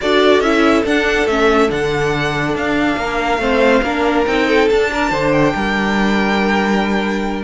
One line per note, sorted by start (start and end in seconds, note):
0.01 0.40 D4
0.01 0.44 F#4
0.01 2.98 A4
0.01 0.40 D5
0.40 0.83 C#4
0.40 0.84 E4
0.40 0.83 E5
0.84 1.27 D4
0.84 1.26 D4
0.84 1.27 F#5
1.26 1.69 A3
1.26 1.69 C#4
1.26 1.69 E5
1.69 2.55 D3
1.69 3.39 D4
1.69 2.55 F#5
2.55 2.96 D4
2.55 4.26 F5
2.96 3.38 A#3
2.96 3.41 A#4
3.38 3.80 A3
3.38 3.82 C4
3.38 3.84 C5
3.83 4.25 A#3
3.83 4.26 D4
3.83 4.47 A#4
4.26 4.69 C4
4.26 4.68 D#4
4.26 4.69 G5
4.47 4.90 A4
4.69 7.43 D4
4.69 5.11 D4
4.69 5.31 A5
4.92 5.10 A#4
5.10 5.53 D3
5.10 5.53 C5
5.31 7.43 G5
5.54 7.43 G3
5.54 7.43 A#4